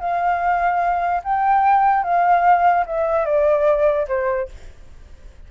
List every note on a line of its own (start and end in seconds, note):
0.00 1.22 F5
1.24 2.04 G5
2.04 2.85 F5
2.86 3.26 E5
3.26 4.07 D5
4.08 4.49 C5